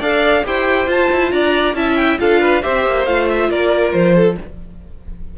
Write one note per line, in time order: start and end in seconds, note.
0.00 0.44 D4
0.00 0.44 A4
0.00 0.43 D5
0.00 0.45 F5
0.44 0.88 E4
0.44 0.87 G4
0.44 1.33 C5
0.44 0.91 G5
0.87 1.74 F4
0.87 1.09 F4
0.87 1.31 A5
1.12 1.32 E4
1.31 1.74 D4
1.31 1.76 D5
1.31 1.75 A#5
1.74 2.18 C#4
1.74 2.19 E4
1.74 2.20 E5
1.74 1.97 A5
1.97 2.18 G5
2.19 2.64 D4
2.19 2.62 F4
2.19 2.41 A4
2.19 2.63 F5
2.41 2.63 B4
2.62 2.86 C4
2.62 3.06 G4
2.62 3.50 C5
2.62 3.06 E5
2.86 3.07 A#3
3.06 3.49 A3
3.06 4.38 F4
3.06 3.28 F5
3.30 3.51 E5
3.49 3.93 A#3
3.49 4.15 A#4
3.49 3.93 D5
3.93 4.38 F3
3.93 4.36 C5
4.15 4.37 A4